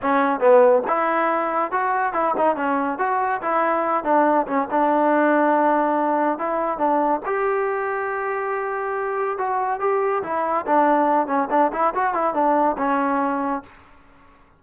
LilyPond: \new Staff \with { instrumentName = "trombone" } { \time 4/4 \tempo 4 = 141 cis'4 b4 e'2 | fis'4 e'8 dis'8 cis'4 fis'4 | e'4. d'4 cis'8 d'4~ | d'2. e'4 |
d'4 g'2.~ | g'2 fis'4 g'4 | e'4 d'4. cis'8 d'8 e'8 | fis'8 e'8 d'4 cis'2 | }